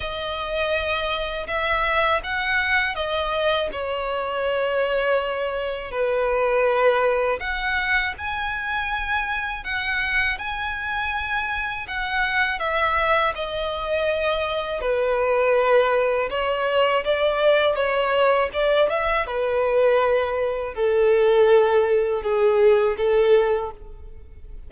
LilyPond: \new Staff \with { instrumentName = "violin" } { \time 4/4 \tempo 4 = 81 dis''2 e''4 fis''4 | dis''4 cis''2. | b'2 fis''4 gis''4~ | gis''4 fis''4 gis''2 |
fis''4 e''4 dis''2 | b'2 cis''4 d''4 | cis''4 d''8 e''8 b'2 | a'2 gis'4 a'4 | }